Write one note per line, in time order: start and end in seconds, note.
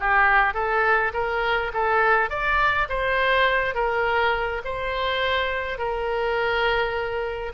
0.00 0.54 G4
0.54 1.13 A4
1.14 1.72 A#4
1.74 2.30 A4
2.30 2.88 D5
2.90 3.75 C5
3.75 4.62 A#4
4.65 5.79 C5
5.79 7.53 A#4